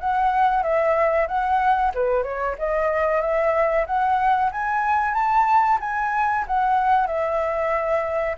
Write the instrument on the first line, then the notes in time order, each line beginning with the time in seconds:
flute
0.00 F#5
0.63 E5
1.28 F#5
1.94 B4
2.23 C#5
2.59 D#5
3.21 E5
3.87 F#5
4.52 G#5
5.14 A5
5.81 G#5
6.48 F#5
7.07 E5